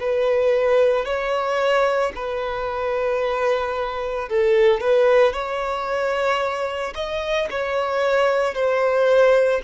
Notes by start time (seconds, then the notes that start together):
0.00 B4
1.05 C#5
2.15 B4
4.29 A4
4.80 B4
5.32 C#5
6.94 D#5
7.50 C#5
8.54 C5